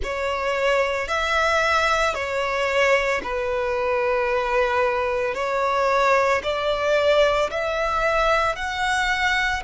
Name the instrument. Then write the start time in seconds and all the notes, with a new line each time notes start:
violin
0.03 C#5
1.08 E5
2.14 C#5
3.23 B4
5.34 C#5
6.43 D5
7.50 E5
8.55 F#5